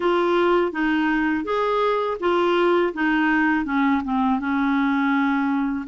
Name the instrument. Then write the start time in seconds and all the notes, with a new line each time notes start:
clarinet
0.00 F4
0.72 D#4
1.44 G#4
2.20 F4
2.93 D#4
3.65 C#4
4.04 C4
4.39 C#4